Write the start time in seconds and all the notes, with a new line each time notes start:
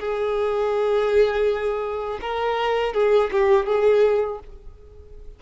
0.00 G#4
2.22 A#4
2.94 G#4
3.32 G4
3.67 G#4